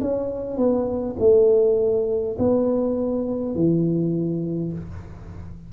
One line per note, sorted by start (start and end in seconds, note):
0.00 0.57 C#4
0.57 1.16 B3
1.19 2.36 A3
2.38 3.55 B3
3.55 4.72 E3